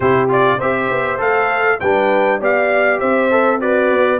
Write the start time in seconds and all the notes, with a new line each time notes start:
0.00 C3 E4 G4 C5
0.28 F4 D5
0.57 C4 G4 C5 E5
0.90 B3
1.18 A3 A4 F5
1.80 G3 D4 B4 G5
2.39 B3 G4 D5 F5
2.99 C4 C5 E5
3.31 A4
3.58 F#4 B4 D5
3.91 B3